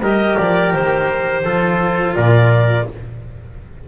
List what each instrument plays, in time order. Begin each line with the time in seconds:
0.00 double bass G3, cello G4, trumpet A#4, clarinet D#5
0.37 double bass F3, clarinet D5
0.73 double bass D#3, clarinet C5
1.44 double bass F3, cello F4, trumpet A4
2.15 double bass A#2, trumpet A#4, clarinet D5